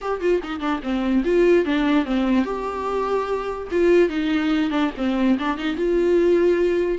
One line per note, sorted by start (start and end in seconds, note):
0.01 0.20 G4
0.20 0.41 F4
0.43 0.60 D#4
0.60 0.80 D4
0.82 1.23 C4
1.24 1.65 F4
1.65 2.05 D4
2.05 2.45 C4
2.45 3.68 G4
3.71 4.09 F4
4.09 4.70 D#4
4.70 4.91 D4
4.97 5.38 C4
5.38 5.57 D4
5.57 5.76 D#4
5.76 6.98 F4